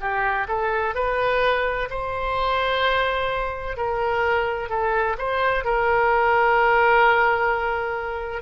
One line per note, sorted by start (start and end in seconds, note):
0.00 0.47 G4
0.47 0.94 A4
0.95 1.88 B4
1.90 3.76 C5
3.76 4.69 A#4
4.69 5.16 A4
5.18 5.64 C5
5.64 8.42 A#4